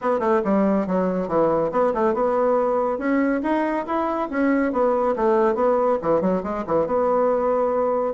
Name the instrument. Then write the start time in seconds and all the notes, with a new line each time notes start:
bassoon
0.01 B3
0.19 A3
0.44 G3
0.86 F#3
1.27 E3
1.71 B3
1.94 A3
2.14 B3
2.98 C#4
3.43 D#4
3.86 E4
4.30 C#4
4.72 B3
5.15 A3
5.55 B3
6.02 E3
6.21 F#3
6.43 G#3
6.66 E3
6.86 B3